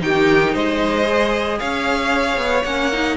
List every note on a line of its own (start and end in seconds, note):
0.00 0.54 D#3
0.00 1.04 D#4
0.00 0.53 G4
0.00 0.55 G5
0.53 1.60 G#3
0.53 1.58 C5
0.53 1.60 D#5
1.04 2.61 G#4
1.59 2.37 C#4
1.59 3.17 C#5
1.59 2.64 F5
2.37 2.63 B3
2.64 3.17 A#3
2.64 2.92 C#4
2.64 3.17 F#5
2.92 3.17 D#4